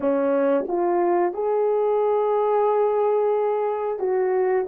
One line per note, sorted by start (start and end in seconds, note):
0.00 0.65 C#4
0.67 1.33 F4
1.33 3.99 G#4
3.99 4.65 F#4